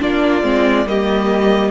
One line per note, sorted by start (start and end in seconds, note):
0.00 0.43 A#3
0.00 0.43 D4
0.00 0.87 F4
0.00 0.88 D5
0.43 0.86 G#3
0.43 0.86 C4
0.86 1.71 G3
0.86 1.71 A#3
0.86 1.71 G4
0.86 1.71 D#5